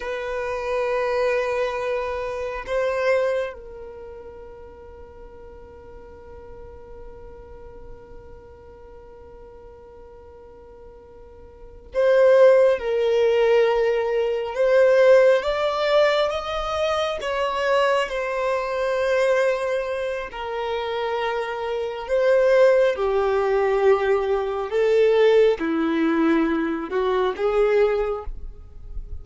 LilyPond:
\new Staff \with { instrumentName = "violin" } { \time 4/4 \tempo 4 = 68 b'2. c''4 | ais'1~ | ais'1~ | ais'4. c''4 ais'4.~ |
ais'8 c''4 d''4 dis''4 cis''8~ | cis''8 c''2~ c''8 ais'4~ | ais'4 c''4 g'2 | a'4 e'4. fis'8 gis'4 | }